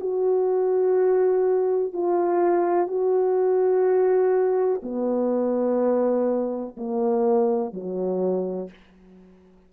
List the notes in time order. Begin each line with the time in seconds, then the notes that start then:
0.00 F#4
1.93 F4
2.87 F#4
4.83 B3
6.77 A#3
7.73 F#3